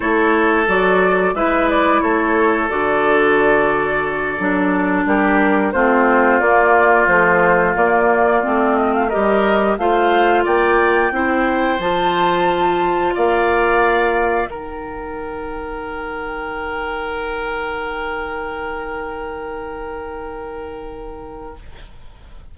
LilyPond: <<
  \new Staff \with { instrumentName = "flute" } { \time 4/4 \tempo 4 = 89 cis''4 d''4 e''8 d''8 cis''4 | d''2.~ d''8 ais'8~ | ais'8 c''4 d''4 c''4 d''8~ | d''4 dis''16 f''16 dis''4 f''4 g''8~ |
g''4. a''2 f''8~ | f''4. g''2~ g''8~ | g''1~ | g''1 | }
  \new Staff \with { instrumentName = "oboe" } { \time 4/4 a'2 b'4 a'4~ | a'2.~ a'8 g'8~ | g'8 f'2.~ f'8~ | f'4. ais'4 c''4 d''8~ |
d''8 c''2. d''8~ | d''4. ais'2~ ais'8~ | ais'1~ | ais'1 | }
  \new Staff \with { instrumentName = "clarinet" } { \time 4/4 e'4 fis'4 e'2 | fis'2~ fis'8 d'4.~ | d'8 c'4 ais4 f4 ais8~ | ais8 c'4 g'4 f'4.~ |
f'8 e'4 f'2~ f'8~ | f'4. dis'2~ dis'8~ | dis'1~ | dis'1 | }
  \new Staff \with { instrumentName = "bassoon" } { \time 4/4 a4 fis4 gis4 a4 | d2~ d8 fis4 g8~ | g8 a4 ais4 a4 ais8~ | ais8 a4 g4 a4 ais8~ |
ais8 c'4 f2 ais8~ | ais4. dis2~ dis8~ | dis1~ | dis1 | }
>>